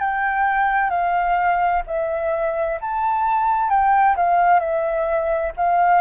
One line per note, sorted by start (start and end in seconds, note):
0.00 0.90 G5
0.90 1.82 F5
1.87 2.79 E5
2.81 3.70 A5
3.70 4.16 G5
4.16 4.60 F5
4.60 5.52 E5
5.57 6.01 F5